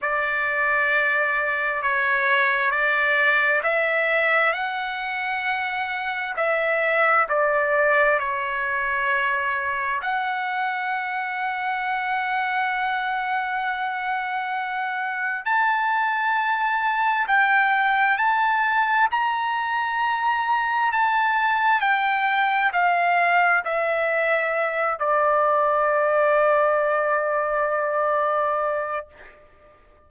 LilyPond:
\new Staff \with { instrumentName = "trumpet" } { \time 4/4 \tempo 4 = 66 d''2 cis''4 d''4 | e''4 fis''2 e''4 | d''4 cis''2 fis''4~ | fis''1~ |
fis''4 a''2 g''4 | a''4 ais''2 a''4 | g''4 f''4 e''4. d''8~ | d''1 | }